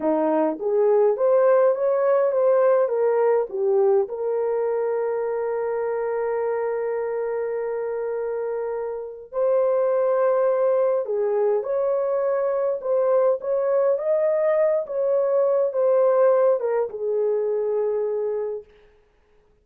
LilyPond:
\new Staff \with { instrumentName = "horn" } { \time 4/4 \tempo 4 = 103 dis'4 gis'4 c''4 cis''4 | c''4 ais'4 g'4 ais'4~ | ais'1~ | ais'1 |
c''2. gis'4 | cis''2 c''4 cis''4 | dis''4. cis''4. c''4~ | c''8 ais'8 gis'2. | }